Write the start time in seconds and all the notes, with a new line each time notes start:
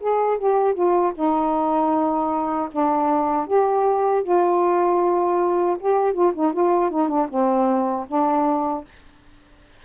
0.00 G#4
0.38 G4
0.74 F4
1.15 D#4
2.72 D4
3.47 G4
4.24 F4
5.80 G4
6.14 F4
6.35 D#4
6.53 F4
6.91 D#4
7.09 D4
7.30 C4
8.08 D4